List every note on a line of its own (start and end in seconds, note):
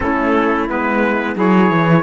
0.00 0.69 A3
0.00 0.68 C#4
0.00 1.35 E4
0.00 0.68 A4
0.68 1.35 G#3
0.68 1.36 B3
0.68 1.37 B4
1.35 1.69 F#3
1.35 2.03 E4
1.35 2.03 G#4
1.35 2.03 C#5
1.70 2.03 E3